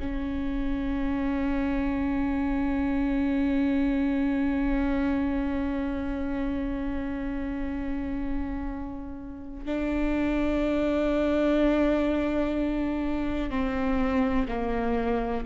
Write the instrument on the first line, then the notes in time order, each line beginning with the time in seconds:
viola
0.00 C#4
9.66 D4
13.50 C4
14.48 A#3